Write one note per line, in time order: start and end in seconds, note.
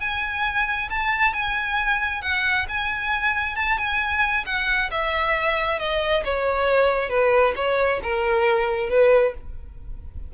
0.00 0.89 G#5
0.90 1.33 A5
1.33 2.22 G#5
2.22 2.66 F#5
2.69 3.56 G#5
3.56 3.78 A5
3.78 4.44 G#5
4.46 4.90 F#5
4.91 5.79 E5
5.79 6.23 D#5
6.25 7.09 C#5
7.09 7.54 B4
7.56 8.00 C#5
8.03 8.89 A#4
8.89 9.34 B4